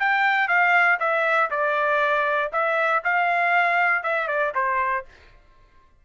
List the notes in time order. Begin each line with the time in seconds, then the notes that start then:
0.00 G5
0.48 F5
1.00 E5
1.51 D5
2.53 E5
3.04 F5
4.03 E5
4.28 D5
4.55 C5